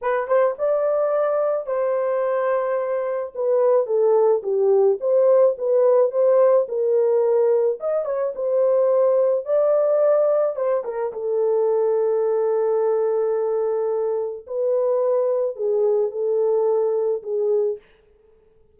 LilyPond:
\new Staff \with { instrumentName = "horn" } { \time 4/4 \tempo 4 = 108 b'8 c''8 d''2 c''4~ | c''2 b'4 a'4 | g'4 c''4 b'4 c''4 | ais'2 dis''8 cis''8 c''4~ |
c''4 d''2 c''8 ais'8 | a'1~ | a'2 b'2 | gis'4 a'2 gis'4 | }